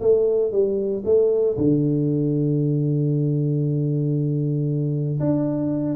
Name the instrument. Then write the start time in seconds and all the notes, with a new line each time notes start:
tuba
0.00 A3
0.51 G3
1.05 A3
1.57 D3
5.20 D4